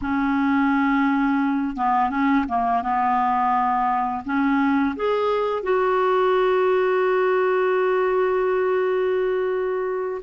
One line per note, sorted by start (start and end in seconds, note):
0.01 1.76 C#4
1.76 2.10 B3
2.10 2.45 C#4
2.48 2.82 A#3
2.82 4.23 B3
4.24 4.95 C#4
4.96 5.62 G#4
5.62 10.21 F#4